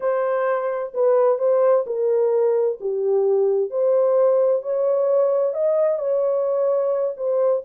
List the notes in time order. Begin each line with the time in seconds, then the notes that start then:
0.00 C5
0.94 B4
1.38 C5
1.86 A#4
2.80 G4
3.70 C5
4.62 C#5
5.53 D#5
5.99 C#5
7.16 C5